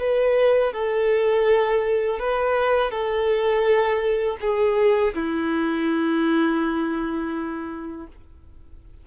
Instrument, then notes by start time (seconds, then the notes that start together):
violin
0.00 B4
0.73 A4
2.20 B4
2.91 A4
4.41 G#4
5.15 E4